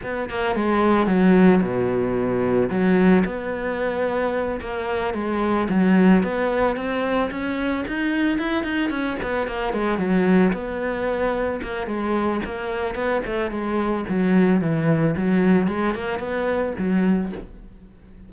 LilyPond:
\new Staff \with { instrumentName = "cello" } { \time 4/4 \tempo 4 = 111 b8 ais8 gis4 fis4 b,4~ | b,4 fis4 b2~ | b8 ais4 gis4 fis4 b8~ | b8 c'4 cis'4 dis'4 e'8 |
dis'8 cis'8 b8 ais8 gis8 fis4 b8~ | b4. ais8 gis4 ais4 | b8 a8 gis4 fis4 e4 | fis4 gis8 ais8 b4 fis4 | }